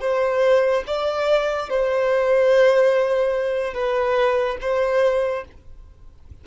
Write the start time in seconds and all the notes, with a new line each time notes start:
0.00 C5
0.86 D5
1.69 C5
3.74 B4
4.61 C5